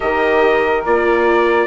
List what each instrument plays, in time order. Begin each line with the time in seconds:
0.00 bassoon D#3, viola G4, saxophone A#4, trumpet D#5
0.85 bassoon A#3, viola F4, trumpet D5